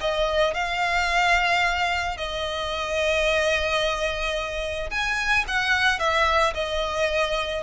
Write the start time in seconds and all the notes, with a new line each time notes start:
0.00 D#5
0.54 F5
2.17 D#5
4.90 G#5
5.47 F#5
5.99 E5
6.54 D#5